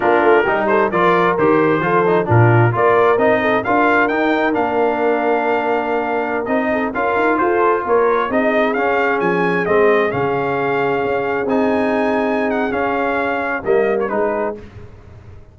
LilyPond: <<
  \new Staff \with { instrumentName = "trumpet" } { \time 4/4 \tempo 4 = 132 ais'4. c''8 d''4 c''4~ | c''4 ais'4 d''4 dis''4 | f''4 g''4 f''2~ | f''2~ f''16 dis''4 f''8.~ |
f''16 c''4 cis''4 dis''4 f''8.~ | f''16 gis''4 dis''4 f''4.~ f''16~ | f''4~ f''16 gis''2~ gis''16 fis''8 | f''2 dis''8. cis''16 b'4 | }
  \new Staff \with { instrumentName = "horn" } { \time 4/4 f'4 g'8 a'8 ais'2 | a'4 f'4 ais'4. a'8 | ais'1~ | ais'2~ ais'8. a'8 ais'8.~ |
ais'16 a'4 ais'4 gis'4.~ gis'16~ | gis'1~ | gis'1~ | gis'2 ais'4 gis'4 | }
  \new Staff \with { instrumentName = "trombone" } { \time 4/4 d'4 dis'4 f'4 g'4 | f'8 dis'8 d'4 f'4 dis'4 | f'4 dis'4 d'2~ | d'2~ d'16 dis'4 f'8.~ |
f'2~ f'16 dis'4 cis'8.~ | cis'4~ cis'16 c'4 cis'4.~ cis'16~ | cis'4~ cis'16 dis'2~ dis'8. | cis'2 ais4 dis'4 | }
  \new Staff \with { instrumentName = "tuba" } { \time 4/4 ais8 a8 g4 f4 dis4 | f4 ais,4 ais4 c'4 | d'4 dis'4 ais2~ | ais2~ ais16 c'4 cis'8 dis'16~ |
dis'16 f'4 ais4 c'4 cis'8.~ | cis'16 f4 gis4 cis4.~ cis16~ | cis16 cis'4 c'2~ c'8. | cis'2 g4 gis4 | }
>>